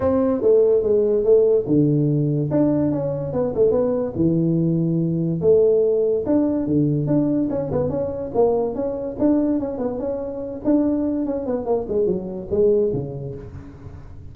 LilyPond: \new Staff \with { instrumentName = "tuba" } { \time 4/4 \tempo 4 = 144 c'4 a4 gis4 a4 | d2 d'4 cis'4 | b8 a8 b4 e2~ | e4 a2 d'4 |
d4 d'4 cis'8 b8 cis'4 | ais4 cis'4 d'4 cis'8 b8 | cis'4. d'4. cis'8 b8 | ais8 gis8 fis4 gis4 cis4 | }